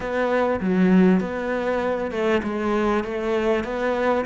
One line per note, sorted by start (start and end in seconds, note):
0.00 0.60 B3
0.60 1.20 F#3
1.20 2.11 B3
2.11 2.41 A3
2.43 3.03 G#3
3.03 3.64 A3
3.64 4.24 B3